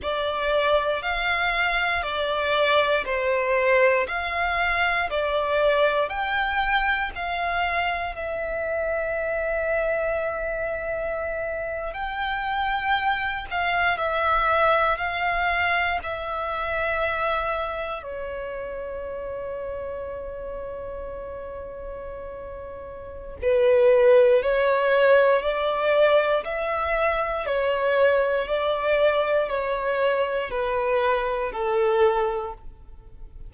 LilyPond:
\new Staff \with { instrumentName = "violin" } { \time 4/4 \tempo 4 = 59 d''4 f''4 d''4 c''4 | f''4 d''4 g''4 f''4 | e''2.~ e''8. g''16~ | g''4~ g''16 f''8 e''4 f''4 e''16~ |
e''4.~ e''16 cis''2~ cis''16~ | cis''2. b'4 | cis''4 d''4 e''4 cis''4 | d''4 cis''4 b'4 a'4 | }